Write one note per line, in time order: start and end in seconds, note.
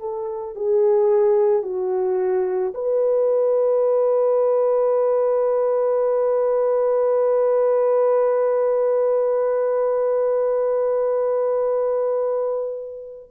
0.00 0.56 A4
0.56 1.63 G#4
1.63 2.74 F#4
2.74 13.30 B4